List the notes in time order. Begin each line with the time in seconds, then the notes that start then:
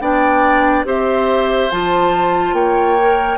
0.00 B3 D4 D5 G5
0.85 C4 G4 C5 E5
1.71 F3 F4 A5
2.53 A#3 C#5 G5
3.00 A#4